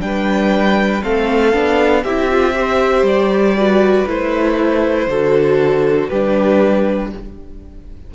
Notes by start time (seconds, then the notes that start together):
0.00 G3 D4 B4 G5
1.03 A3 C4 A4 F5
1.54 B3 D4
2.04 C4 E4 G4 E5
2.31 F4
2.54 G4 C5
3.02 G3 D5
3.57 F#4 B4
4.07 A3 E4 C5
5.07 D3 F#4 A4
6.09 G3 D4 G4 B4